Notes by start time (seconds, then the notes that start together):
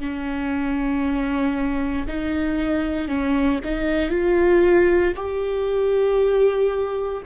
0.00 C#4
2.07 D#4
3.08 C#4
3.64 D#4
4.10 F4
5.16 G4